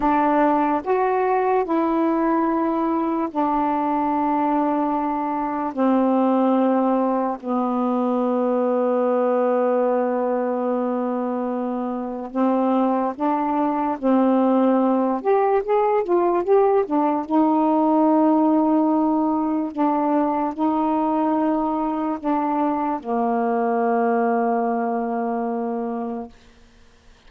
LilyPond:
\new Staff \with { instrumentName = "saxophone" } { \time 4/4 \tempo 4 = 73 d'4 fis'4 e'2 | d'2. c'4~ | c'4 b2.~ | b2. c'4 |
d'4 c'4. g'8 gis'8 f'8 | g'8 d'8 dis'2. | d'4 dis'2 d'4 | ais1 | }